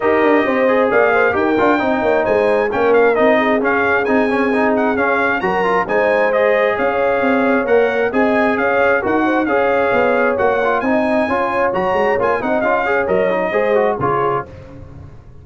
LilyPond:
<<
  \new Staff \with { instrumentName = "trumpet" } { \time 4/4 \tempo 4 = 133 dis''2 f''4 g''4~ | g''4 gis''4 g''8 f''8 dis''4 | f''4 gis''4. fis''8 f''4 | ais''4 gis''4 dis''4 f''4~ |
f''4 fis''4 gis''4 f''4 | fis''4 f''2 fis''4 | gis''2 ais''4 gis''8 fis''8 | f''4 dis''2 cis''4 | }
  \new Staff \with { instrumentName = "horn" } { \time 4/4 ais'4 c''4 d''8 c''8 ais'4 | dis''8 cis''8 c''4 ais'4. gis'8~ | gis'1 | ais'4 c''2 cis''4~ |
cis''2 dis''4 cis''4 | ais'8 c''8 cis''2. | dis''4 cis''2~ cis''8 dis''8~ | dis''8 cis''4. c''4 gis'4 | }
  \new Staff \with { instrumentName = "trombone" } { \time 4/4 g'4. gis'4. g'8 f'8 | dis'2 cis'4 dis'4 | cis'4 dis'8 cis'8 dis'4 cis'4 | fis'8 f'8 dis'4 gis'2~ |
gis'4 ais'4 gis'2 | fis'4 gis'2 fis'8 f'8 | dis'4 f'4 fis'4 f'8 dis'8 | f'8 gis'8 ais'8 dis'8 gis'8 fis'8 f'4 | }
  \new Staff \with { instrumentName = "tuba" } { \time 4/4 dis'8 d'8 c'4 ais4 dis'8 d'8 | c'8 ais8 gis4 ais4 c'4 | cis'4 c'2 cis'4 | fis4 gis2 cis'4 |
c'4 ais4 c'4 cis'4 | dis'4 cis'4 b4 ais4 | c'4 cis'4 fis8 gis8 ais8 c'8 | cis'4 fis4 gis4 cis4 | }
>>